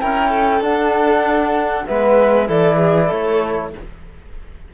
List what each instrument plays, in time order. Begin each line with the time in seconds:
0.00 cello C#4, trombone E4, violin A#4, flute G5
0.30 violin A4
0.61 cello D4, trombone D4, flute F#5
1.86 cello G#3, trombone B3, violin B4, flute E5
2.47 cello E3, trombone E4, violin A4, flute D5
2.76 violin G#4
3.07 cello A3, violin A4, flute C#5